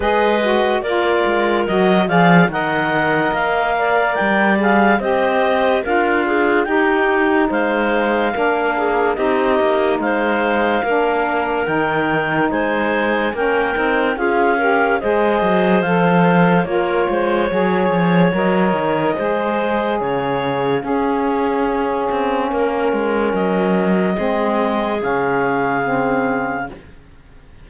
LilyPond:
<<
  \new Staff \with { instrumentName = "clarinet" } { \time 4/4 \tempo 4 = 72 dis''4 d''4 dis''8 f''8 fis''4 | f''4 g''8 f''8 dis''4 f''4 | g''4 f''2 dis''4 | f''2 g''4 gis''4 |
g''4 f''4 dis''4 f''4 | cis''2 dis''2 | f''1 | dis''2 f''2 | }
  \new Staff \with { instrumentName = "clarinet" } { \time 4/4 b'4 ais'4. d''8 dis''4~ | dis''8 d''4. c''4 ais'8 gis'8 | g'4 c''4 ais'8 gis'8 g'4 | c''4 ais'2 c''4 |
ais'4 gis'8 ais'8 c''2 | ais'8 c''8 cis''2 c''4 | cis''4 gis'2 ais'4~ | ais'4 gis'2. | }
  \new Staff \with { instrumentName = "saxophone" } { \time 4/4 gis'8 fis'8 f'4 fis'8 gis'8 ais'4~ | ais'4. gis'8 g'4 f'4 | dis'2 d'4 dis'4~ | dis'4 d'4 dis'2 |
cis'8 dis'8 f'8 g'8 gis'4 a'4 | f'4 gis'4 ais'4 gis'4~ | gis'4 cis'2.~ | cis'4 c'4 cis'4 c'4 | }
  \new Staff \with { instrumentName = "cello" } { \time 4/4 gis4 ais8 gis8 fis8 f8 dis4 | ais4 g4 c'4 d'4 | dis'4 gis4 ais4 c'8 ais8 | gis4 ais4 dis4 gis4 |
ais8 c'8 cis'4 gis8 fis8 f4 | ais8 gis8 fis8 f8 fis8 dis8 gis4 | cis4 cis'4. c'8 ais8 gis8 | fis4 gis4 cis2 | }
>>